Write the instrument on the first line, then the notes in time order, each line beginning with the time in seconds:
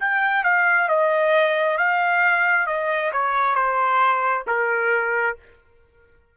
trumpet
0.00 G5
0.44 F5
0.89 D#5
1.78 F5
2.67 D#5
3.12 C#5
3.55 C5
4.47 A#4